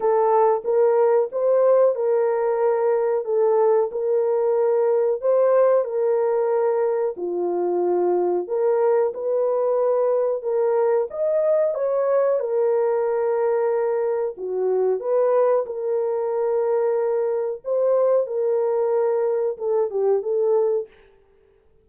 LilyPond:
\new Staff \with { instrumentName = "horn" } { \time 4/4 \tempo 4 = 92 a'4 ais'4 c''4 ais'4~ | ais'4 a'4 ais'2 | c''4 ais'2 f'4~ | f'4 ais'4 b'2 |
ais'4 dis''4 cis''4 ais'4~ | ais'2 fis'4 b'4 | ais'2. c''4 | ais'2 a'8 g'8 a'4 | }